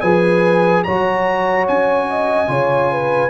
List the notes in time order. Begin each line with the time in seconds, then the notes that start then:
0.00 F3 G#4 B4 G#5
0.83 F#3 F#4 C#5 A#5
1.67 C#4 G#5
2.09 D#5
2.47 C#3 F4 C#5
2.91 B4